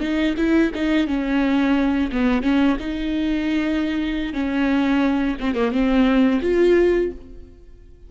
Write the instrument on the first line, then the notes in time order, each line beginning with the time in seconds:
viola
0.00 D#4
0.37 E4
0.74 D#4
1.07 C#4
2.12 B3
2.42 C#4
2.79 D#4
4.33 C#4
5.39 C4
5.55 A#3
5.71 C4
6.42 F4